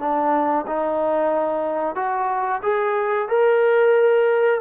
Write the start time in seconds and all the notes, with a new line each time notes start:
0.00 D4
0.67 D#4
1.96 F#4
2.63 G#4
3.29 A#4